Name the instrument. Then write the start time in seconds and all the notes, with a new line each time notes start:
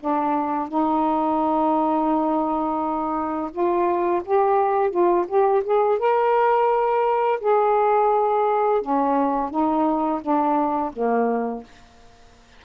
saxophone
0.00 D4
0.68 D#4
3.51 F4
4.24 G4
4.90 F4
5.28 G4
5.64 G#4
5.99 A#4
7.41 G#4
8.82 C#4
9.50 D#4
10.22 D4
10.93 A#3